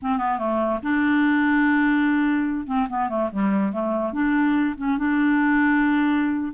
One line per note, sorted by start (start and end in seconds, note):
0.02 0.18 C4
0.18 0.38 B3
0.38 0.79 A3
0.83 2.67 D4
2.67 2.87 C4
2.89 3.09 B3
3.09 3.29 A3
3.31 3.72 G3
3.72 4.13 A3
4.13 4.75 D4
4.77 4.97 C#4
4.97 6.53 D4